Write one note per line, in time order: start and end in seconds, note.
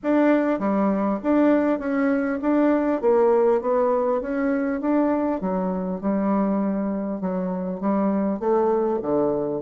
0.03 0.59 D4
0.59 1.19 G3
1.23 1.79 D4
1.79 2.39 C#4
2.41 3.01 D4
3.01 3.61 A#3
3.61 4.21 B3
4.21 4.80 C#4
4.80 5.40 D4
5.40 6.00 F#3
6.00 7.20 G3
7.21 7.80 F#3
7.80 8.39 G3
8.39 8.99 A3
9.02 9.61 D3